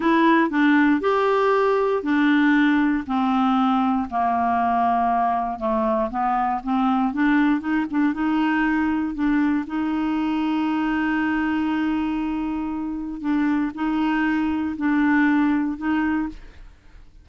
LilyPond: \new Staff \with { instrumentName = "clarinet" } { \time 4/4 \tempo 4 = 118 e'4 d'4 g'2 | d'2 c'2 | ais2. a4 | b4 c'4 d'4 dis'8 d'8 |
dis'2 d'4 dis'4~ | dis'1~ | dis'2 d'4 dis'4~ | dis'4 d'2 dis'4 | }